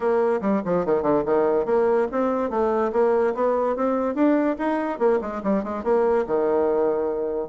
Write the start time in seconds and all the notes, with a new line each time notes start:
0.00 A#3
0.41 G3
0.64 F3
0.85 D#3
1.02 D3
1.25 D#3
1.65 A#3
2.11 C4
2.50 A3
2.92 A#3
3.34 B3
3.76 C4
4.14 D4
4.58 D#4
4.98 A#3
5.21 G#3
5.43 G3
5.63 G#3
5.83 A#3
6.26 D#3